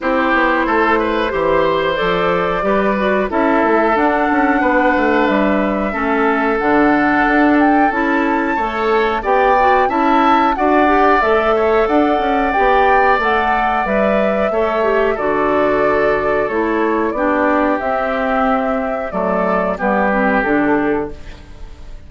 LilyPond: <<
  \new Staff \with { instrumentName = "flute" } { \time 4/4 \tempo 4 = 91 c''2. d''4~ | d''4 e''4 fis''2 | e''2 fis''4. g''8 | a''2 g''4 a''4 |
fis''4 e''4 fis''4 g''4 | fis''4 e''2 d''4~ | d''4 cis''4 d''4 e''4~ | e''4 d''4 b'4 a'4 | }
  \new Staff \with { instrumentName = "oboe" } { \time 4/4 g'4 a'8 b'8 c''2 | b'4 a'2 b'4~ | b'4 a'2.~ | a'4 cis''4 d''4 e''4 |
d''4. cis''8 d''2~ | d''2 cis''4 a'4~ | a'2 g'2~ | g'4 a'4 g'2 | }
  \new Staff \with { instrumentName = "clarinet" } { \time 4/4 e'2 g'4 a'4 | g'8 fis'8 e'4 d'2~ | d'4 cis'4 d'2 | e'4 a'4 g'8 fis'8 e'4 |
fis'8 g'8 a'2 g'4 | a'4 b'4 a'8 g'8 fis'4~ | fis'4 e'4 d'4 c'4~ | c'4 a4 b8 c'8 d'4 | }
  \new Staff \with { instrumentName = "bassoon" } { \time 4/4 c'8 b8 a4 e4 f4 | g4 cis'8 a8 d'8 cis'8 b8 a8 | g4 a4 d4 d'4 | cis'4 a4 b4 cis'4 |
d'4 a4 d'8 cis'8 b4 | a4 g4 a4 d4~ | d4 a4 b4 c'4~ | c'4 fis4 g4 d4 | }
>>